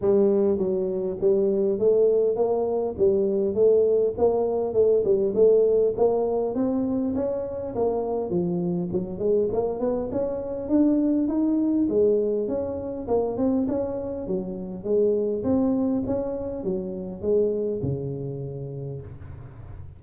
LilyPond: \new Staff \with { instrumentName = "tuba" } { \time 4/4 \tempo 4 = 101 g4 fis4 g4 a4 | ais4 g4 a4 ais4 | a8 g8 a4 ais4 c'4 | cis'4 ais4 f4 fis8 gis8 |
ais8 b8 cis'4 d'4 dis'4 | gis4 cis'4 ais8 c'8 cis'4 | fis4 gis4 c'4 cis'4 | fis4 gis4 cis2 | }